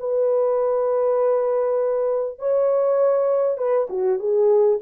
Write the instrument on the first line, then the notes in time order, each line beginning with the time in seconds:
horn
0.00 B4
2.39 C#5
3.58 B4
3.90 F#4
4.19 G#4